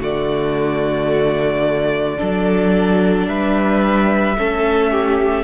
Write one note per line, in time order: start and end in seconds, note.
0.00 2.19 D3
0.00 2.18 A3
0.00 2.18 F#4
0.00 3.28 D5
2.18 3.28 F#3
2.18 4.36 D4
2.18 3.29 A4
3.28 4.37 G3
3.28 4.38 B4
3.28 5.44 E5
4.37 5.44 A3
4.37 5.44 C#4
4.37 4.92 A4
4.92 5.44 G4